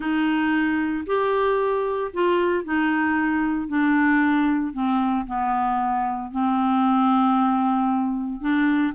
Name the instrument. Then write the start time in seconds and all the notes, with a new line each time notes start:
clarinet
0.00 D#4
1.06 G4
2.13 F4
2.64 D#4
3.68 D4
4.73 C4
5.26 B3
6.31 C4
8.40 D4